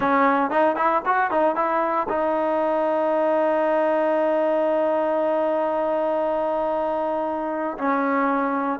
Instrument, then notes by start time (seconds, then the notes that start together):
trombone
0.00 C#4
0.50 D#4
0.75 E4
1.05 F#4
1.30 D#4
1.55 E4
2.08 D#4
7.78 C#4